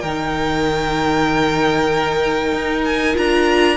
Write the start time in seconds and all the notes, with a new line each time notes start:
0.00 D#3 D#4 A#4 G5
2.52 D#4
2.85 G#5
3.14 D4 F4 A#5